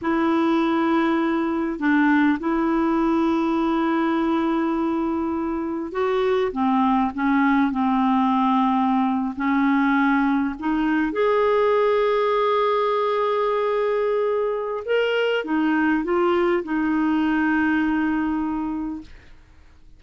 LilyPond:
\new Staff \with { instrumentName = "clarinet" } { \time 4/4 \tempo 4 = 101 e'2. d'4 | e'1~ | e'2 fis'4 c'4 | cis'4 c'2~ c'8. cis'16~ |
cis'4.~ cis'16 dis'4 gis'4~ gis'16~ | gis'1~ | gis'4 ais'4 dis'4 f'4 | dis'1 | }